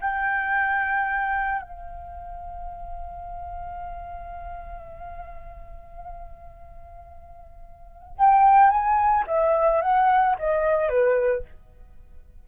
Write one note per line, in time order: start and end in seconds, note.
0.00 1.61 G5
1.61 8.16 F5
8.18 8.69 G5
8.69 9.24 G#5
9.27 9.81 E5
9.81 10.36 F#5
10.38 10.89 D#5
10.89 11.43 B4